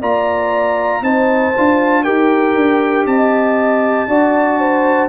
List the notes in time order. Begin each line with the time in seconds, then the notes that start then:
0.00 A#3 F4 D5 A#5
1.01 C4 D#4 C5 A5
1.56 D4 F4
2.03 D#4 G4 A#4 G5
2.55 D4
3.05 C4 D#5 A5
4.07 D4 F#4 D5
4.59 C5